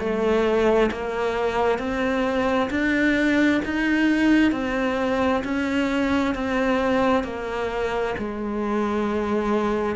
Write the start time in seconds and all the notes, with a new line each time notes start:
0.00 A3
0.92 A#3
1.79 C4
2.71 D4
3.65 D#4
4.52 C4
5.45 C#4
6.35 C4
7.24 A#3
8.19 G#3